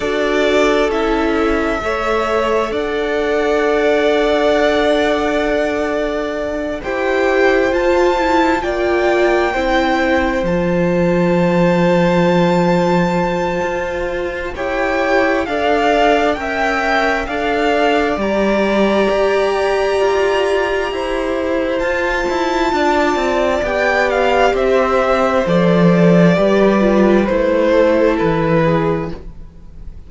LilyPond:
<<
  \new Staff \with { instrumentName = "violin" } { \time 4/4 \tempo 4 = 66 d''4 e''2 fis''4~ | fis''2.~ fis''8 g''8~ | g''8 a''4 g''2 a''8~ | a''1 |
g''4 f''4 g''4 f''4 | ais''1 | a''2 g''8 f''8 e''4 | d''2 c''4 b'4 | }
  \new Staff \with { instrumentName = "violin" } { \time 4/4 a'2 cis''4 d''4~ | d''2.~ d''8 c''8~ | c''4. d''4 c''4.~ | c''1 |
cis''4 d''4 e''4 d''4~ | d''2. c''4~ | c''4 d''2 c''4~ | c''4 b'4. a'4 gis'8 | }
  \new Staff \with { instrumentName = "viola" } { \time 4/4 fis'4 e'4 a'2~ | a'2.~ a'8 g'8~ | g'8 f'8 e'8 f'4 e'4 f'8~ | f'1 |
g'4 a'4 ais'4 a'4 | g'1 | f'2 g'2 | a'4 g'8 f'8 e'2 | }
  \new Staff \with { instrumentName = "cello" } { \time 4/4 d'4 cis'4 a4 d'4~ | d'2.~ d'8 e'8~ | e'8 f'4 ais4 c'4 f8~ | f2. f'4 |
e'4 d'4 cis'4 d'4 | g4 g'4 f'4 e'4 | f'8 e'8 d'8 c'8 b4 c'4 | f4 g4 a4 e4 | }
>>